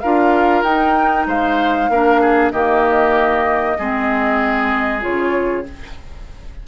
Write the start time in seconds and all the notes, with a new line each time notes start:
0.00 D4 F4 A#4 F5
0.64 D#4 G5
1.27 G#3 C5 F5
1.90 A#3 D4 A#4
2.22 G#4
2.52 D#3 A#3 G4 D#5
3.79 G#3 C4 G#4
5.01 C#3 F4 C#5